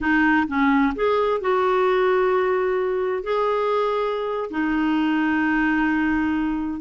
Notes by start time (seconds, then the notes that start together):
0.01 D#4
0.47 C#4
0.95 G#4
1.41 F#4
3.23 G#4
4.50 D#4